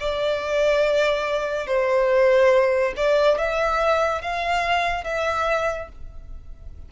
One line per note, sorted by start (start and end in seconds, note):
0.00 1.67 D5
1.67 2.94 C5
2.97 3.38 D5
3.38 4.22 E5
4.22 5.04 F5
5.04 5.89 E5